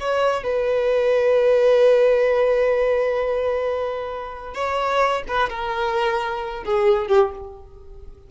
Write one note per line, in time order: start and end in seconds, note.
0.00 0.44 C#5
0.44 4.54 B4
4.54 5.23 C#5
5.28 5.50 B4
5.50 6.64 A#4
6.65 7.08 G#4
7.08 7.31 G4